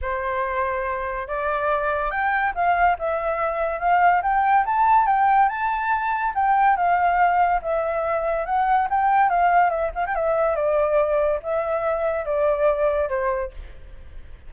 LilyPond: \new Staff \with { instrumentName = "flute" } { \time 4/4 \tempo 4 = 142 c''2. d''4~ | d''4 g''4 f''4 e''4~ | e''4 f''4 g''4 a''4 | g''4 a''2 g''4 |
f''2 e''2 | fis''4 g''4 f''4 e''8 f''16 g''16 | e''4 d''2 e''4~ | e''4 d''2 c''4 | }